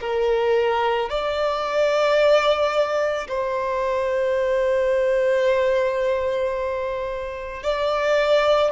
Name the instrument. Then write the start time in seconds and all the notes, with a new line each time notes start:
violin
0.00 A#4
1.09 D5
3.28 C5
7.63 D5